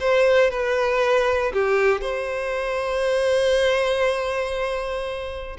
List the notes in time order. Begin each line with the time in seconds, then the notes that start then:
0.00 C5
0.51 B4
1.53 G4
2.01 C5